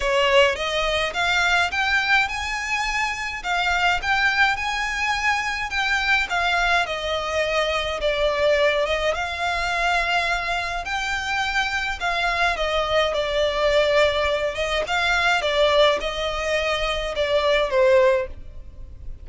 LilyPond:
\new Staff \with { instrumentName = "violin" } { \time 4/4 \tempo 4 = 105 cis''4 dis''4 f''4 g''4 | gis''2 f''4 g''4 | gis''2 g''4 f''4 | dis''2 d''4. dis''8 |
f''2. g''4~ | g''4 f''4 dis''4 d''4~ | d''4. dis''8 f''4 d''4 | dis''2 d''4 c''4 | }